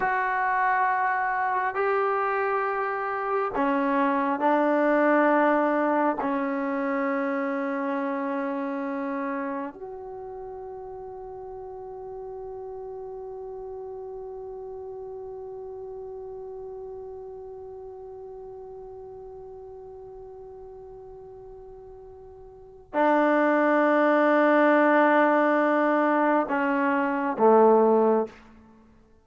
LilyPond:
\new Staff \with { instrumentName = "trombone" } { \time 4/4 \tempo 4 = 68 fis'2 g'2 | cis'4 d'2 cis'4~ | cis'2. fis'4~ | fis'1~ |
fis'1~ | fis'1~ | fis'2 d'2~ | d'2 cis'4 a4 | }